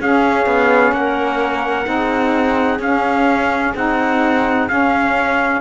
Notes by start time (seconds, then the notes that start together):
0.00 C#4 G#4 F5
0.46 B3
0.92 A#3 A#4 F#5
1.84 C4 D#4 G#4
2.79 C#4 F5
3.75 C4 D#4 F#5
4.69 C#4 F5